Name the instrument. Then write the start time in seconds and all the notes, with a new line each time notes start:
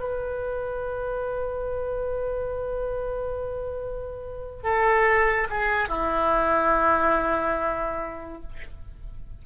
oboe
0.00 B4
4.64 A4
5.50 G#4
5.89 E4